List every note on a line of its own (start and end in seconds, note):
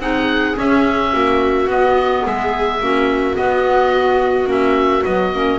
0.00 0.56 C4
0.00 0.56 D#4
0.00 1.13 G#4
0.00 0.57 F#5
0.56 1.68 C#4
0.56 1.14 C#4
0.56 1.71 E5
1.13 1.67 A#3
1.13 2.25 F#4
1.67 2.23 B3
1.67 2.81 B3
1.67 2.26 D#5
2.26 2.81 G#3
2.26 2.82 G#4
2.26 3.37 E5
2.81 3.37 A#3
2.81 3.35 C#4
2.81 5.60 F#4
3.35 4.47 B3
3.35 4.49 D#5
4.47 5.03 A#3
4.47 5.03 C#4
4.47 5.04 E5
5.04 5.34 F#3
5.04 5.34 B3
5.04 5.60 D#5
5.34 5.60 A#3
5.34 5.60 C#4